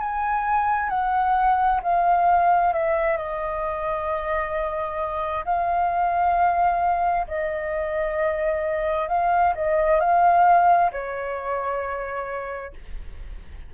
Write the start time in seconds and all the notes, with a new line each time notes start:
0.00 G#5
0.90 F#5
1.83 F5
2.73 E5
3.17 D#5
5.45 F5
7.27 D#5
9.09 F5
9.55 D#5
10.00 F5
10.92 C#5